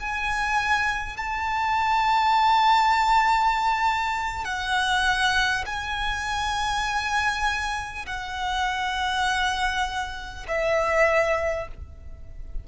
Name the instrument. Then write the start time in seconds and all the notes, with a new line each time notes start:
violin
0.00 G#5
1.17 A5
4.45 F#5
5.66 G#5
8.06 F#5
10.48 E5